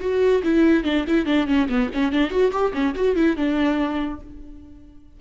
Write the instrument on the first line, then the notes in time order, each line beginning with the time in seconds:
viola
0.00 F#4
0.43 E4
0.84 D4
1.07 E4
1.25 D4
1.47 C#4
1.69 B3
1.93 C#4
2.12 D4
2.30 F#4
2.51 G4
2.73 C#4
2.95 F#4
3.15 E4
3.36 D4